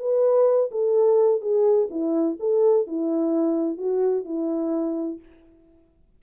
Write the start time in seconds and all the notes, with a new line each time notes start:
0.00 B4
0.72 A4
1.42 G#4
1.91 E4
2.40 A4
2.88 E4
3.78 F#4
4.25 E4